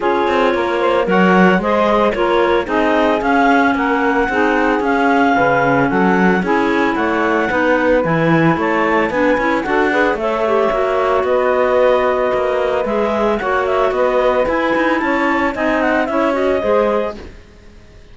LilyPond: <<
  \new Staff \with { instrumentName = "clarinet" } { \time 4/4 \tempo 4 = 112 cis''2 fis''4 dis''4 | cis''4 dis''4 f''4 fis''4~ | fis''4 f''2 fis''4 | gis''4 fis''2 gis''4 |
a''4 gis''4 fis''4 e''4~ | e''4 dis''2. | e''4 fis''8 e''8 dis''4 gis''4 | a''4 gis''8 fis''8 e''8 dis''4. | }
  \new Staff \with { instrumentName = "saxophone" } { \time 4/4 gis'4 ais'8 c''8 cis''4 c''4 | ais'4 gis'2 ais'4 | gis'2 b'4 a'4 | gis'4 cis''4 b'2 |
cis''4 b'4 a'8 b'8 cis''4~ | cis''4 b'2.~ | b'4 cis''4 b'2 | cis''4 dis''4 cis''4 c''4 | }
  \new Staff \with { instrumentName = "clarinet" } { \time 4/4 f'2 ais'4 gis'4 | f'4 dis'4 cis'2 | dis'4 cis'2. | e'2 dis'4 e'4~ |
e'4 d'8 e'8 fis'8 gis'8 a'8 g'8 | fis'1 | gis'4 fis'2 e'4~ | e'4 dis'4 e'8 fis'8 gis'4 | }
  \new Staff \with { instrumentName = "cello" } { \time 4/4 cis'8 c'8 ais4 fis4 gis4 | ais4 c'4 cis'4 ais4 | c'4 cis'4 cis4 fis4 | cis'4 a4 b4 e4 |
a4 b8 cis'8 d'4 a4 | ais4 b2 ais4 | gis4 ais4 b4 e'8 dis'8 | cis'4 c'4 cis'4 gis4 | }
>>